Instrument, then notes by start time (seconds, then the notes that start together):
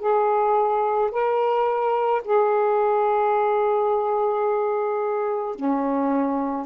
saxophone
0.00 G#4
1.12 A#4
2.25 G#4
5.56 C#4